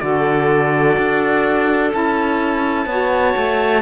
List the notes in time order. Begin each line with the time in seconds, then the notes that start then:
0.00 D3 F#4 A4 D5
0.98 D4
1.91 C#4 E4 A5
2.86 B3 F#4 C#5
3.37 A3